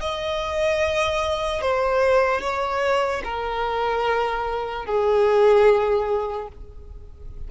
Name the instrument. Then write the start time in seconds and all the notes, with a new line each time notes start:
violin
0.00 D#5
1.61 C5
2.41 C#5
3.24 A#4
4.85 G#4